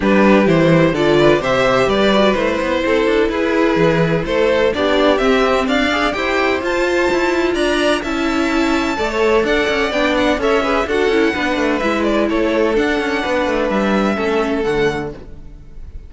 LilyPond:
<<
  \new Staff \with { instrumentName = "violin" } { \time 4/4 \tempo 4 = 127 b'4 c''4 d''4 e''4 | d''4 c''2 b'4~ | b'4 c''4 d''4 e''4 | f''4 g''4 a''2 |
ais''4 a''2. | fis''4 g''8 fis''8 e''4 fis''4~ | fis''4 e''8 d''8 cis''4 fis''4~ | fis''4 e''2 fis''4 | }
  \new Staff \with { instrumentName = "violin" } { \time 4/4 g'2 a'8 b'8 c''4 | b'2 a'4 gis'4~ | gis'4 a'4 g'2 | d''4 c''2. |
d''4 e''2 d''16 cis''8. | d''2 cis''8 b'8 a'4 | b'2 a'2 | b'2 a'2 | }
  \new Staff \with { instrumentName = "viola" } { \time 4/4 d'4 e'4 f'4 g'4~ | g'8 fis'8 e'2.~ | e'2 d'4 c'4~ | c'8 gis'8 g'4 f'2~ |
f'4 e'2 a'4~ | a'4 d'4 a'8 gis'8 fis'8 e'8 | d'4 e'2 d'4~ | d'2 cis'4 a4 | }
  \new Staff \with { instrumentName = "cello" } { \time 4/4 g4 e4 d4 c4 | g4 a8 b8 c'8 d'8 e'4 | e4 a4 b4 c'4 | d'4 e'4 f'4 e'4 |
d'4 cis'2 a4 | d'8 cis'8 b4 cis'4 d'8 cis'8 | b8 a8 gis4 a4 d'8 cis'8 | b8 a8 g4 a4 d4 | }
>>